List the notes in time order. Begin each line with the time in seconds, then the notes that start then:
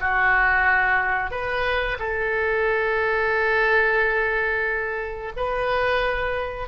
0.00 F#4
1.31 B4
1.99 A4
5.36 B4